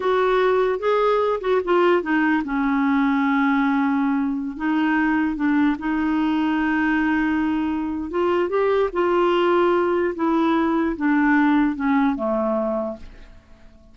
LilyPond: \new Staff \with { instrumentName = "clarinet" } { \time 4/4 \tempo 4 = 148 fis'2 gis'4. fis'8 | f'4 dis'4 cis'2~ | cis'2.~ cis'16 dis'8.~ | dis'4~ dis'16 d'4 dis'4.~ dis'16~ |
dis'1 | f'4 g'4 f'2~ | f'4 e'2 d'4~ | d'4 cis'4 a2 | }